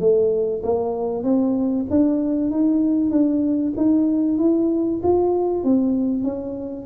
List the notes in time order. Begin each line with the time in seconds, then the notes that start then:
0.00 A3
0.63 A#3
1.24 C4
1.91 D4
2.51 D#4
3.11 D4
3.77 D#4
4.38 E4
5.03 F4
5.64 C4
6.23 C#4